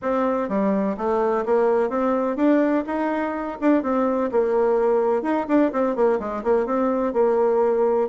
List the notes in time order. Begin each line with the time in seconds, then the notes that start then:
0.02 C4
0.48 G3
0.97 A3
1.45 A#3
1.89 C4
2.36 D4
2.86 D#4
3.60 D4
3.82 C4
4.31 A#3
5.22 D#4
5.48 D4
5.72 C4
5.95 A#3
6.19 G#3
6.43 A#3
6.66 C4
7.13 A#3